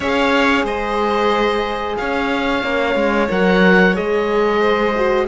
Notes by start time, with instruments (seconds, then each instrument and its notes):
0.00 cello C#4, horn G#4, violin C#5, oboe F5
0.64 cello G#3, violin C5, oboe D#5
1.96 cello C#4, violin C#5, oboe F5
2.62 cello A#3, horn C#4
2.95 cello G#3
3.29 cello F#3, horn A#4, oboe F#5
3.94 cello G#3, horn G#4, oboe D#5
4.60 violin C5
4.96 horn F#4